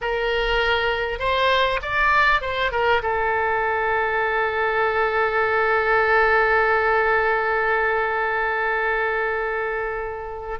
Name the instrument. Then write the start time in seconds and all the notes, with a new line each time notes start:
oboe
0.01 A#4
1.19 C5
1.82 D5
2.41 C5
2.71 A#4
3.02 A4